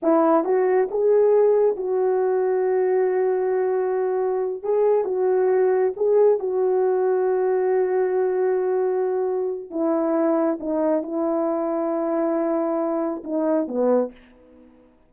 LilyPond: \new Staff \with { instrumentName = "horn" } { \time 4/4 \tempo 4 = 136 e'4 fis'4 gis'2 | fis'1~ | fis'2~ fis'8 gis'4 fis'8~ | fis'4. gis'4 fis'4.~ |
fis'1~ | fis'2 e'2 | dis'4 e'2.~ | e'2 dis'4 b4 | }